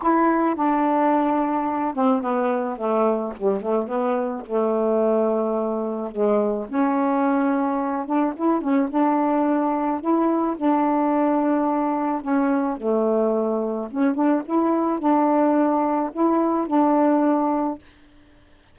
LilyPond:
\new Staff \with { instrumentName = "saxophone" } { \time 4/4 \tempo 4 = 108 e'4 d'2~ d'8 c'8 | b4 a4 g8 a8 b4 | a2. gis4 | cis'2~ cis'8 d'8 e'8 cis'8 |
d'2 e'4 d'4~ | d'2 cis'4 a4~ | a4 cis'8 d'8 e'4 d'4~ | d'4 e'4 d'2 | }